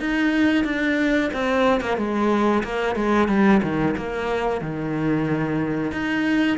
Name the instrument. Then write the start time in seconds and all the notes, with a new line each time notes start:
cello
0.00 D#4
0.64 D4
1.33 C4
1.81 A#3
1.97 G#3
2.63 A#3
2.96 G#3
3.28 G3
3.63 D#3
3.97 A#3
4.61 D#3
5.92 D#4